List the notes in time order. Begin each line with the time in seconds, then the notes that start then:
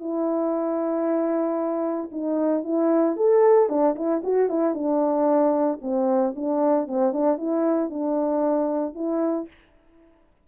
0.00 E4
2.12 D#4
2.64 E4
3.17 A4
3.69 D4
3.96 E4
4.24 F#4
4.50 E4
4.75 D4
5.82 C4
6.36 D4
6.88 C4
7.13 D4
7.38 E4
7.90 D4
8.95 E4